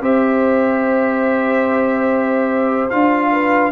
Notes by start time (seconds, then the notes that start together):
0.00 C4 G4 C5 E5
2.90 D4 F4 F5
3.31 B4